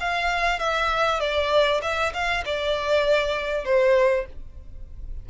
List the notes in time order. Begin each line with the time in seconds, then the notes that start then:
0.00 F5
0.59 E5
1.20 D5
1.82 E5
2.13 F5
2.45 D5
3.65 C5